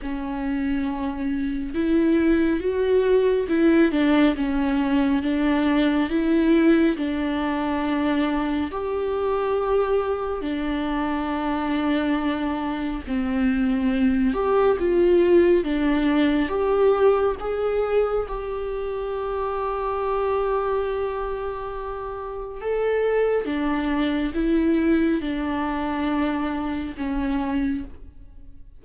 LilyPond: \new Staff \with { instrumentName = "viola" } { \time 4/4 \tempo 4 = 69 cis'2 e'4 fis'4 | e'8 d'8 cis'4 d'4 e'4 | d'2 g'2 | d'2. c'4~ |
c'8 g'8 f'4 d'4 g'4 | gis'4 g'2.~ | g'2 a'4 d'4 | e'4 d'2 cis'4 | }